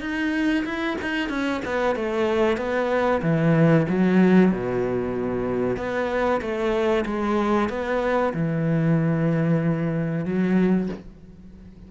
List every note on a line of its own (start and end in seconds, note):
0.00 0.64 D#4
0.64 0.96 E4
1.01 1.29 D#4
1.29 1.61 C#4
1.65 1.95 B3
1.95 2.57 A3
2.57 3.21 B3
3.22 3.86 E3
3.88 4.51 F#3
4.51 5.76 B2
5.76 6.40 B3
6.41 7.04 A3
7.05 7.69 G#3
7.69 8.33 B3
8.33 10.25 E3
10.25 10.89 F#3